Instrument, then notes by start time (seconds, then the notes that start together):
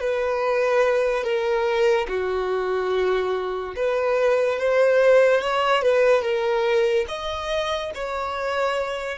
violin
0.00 B4
1.23 A#4
2.08 F#4
3.75 B4
4.58 C5
5.41 C#5
5.82 B4
6.22 A#4
7.08 D#5
7.94 C#5